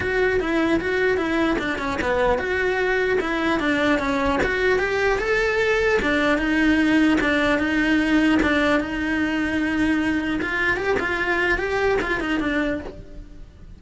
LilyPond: \new Staff \with { instrumentName = "cello" } { \time 4/4 \tempo 4 = 150 fis'4 e'4 fis'4 e'4 | d'8 cis'8 b4 fis'2 | e'4 d'4 cis'4 fis'4 | g'4 a'2 d'4 |
dis'2 d'4 dis'4~ | dis'4 d'4 dis'2~ | dis'2 f'4 g'8 f'8~ | f'4 g'4 f'8 dis'8 d'4 | }